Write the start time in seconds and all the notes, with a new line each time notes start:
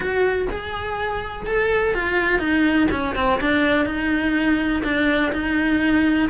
0.00 F#4
0.50 G#4
1.46 A4
1.94 F4
2.39 D#4
2.91 C#4
3.15 C4
3.40 D4
3.85 D#4
4.83 D4
5.32 D#4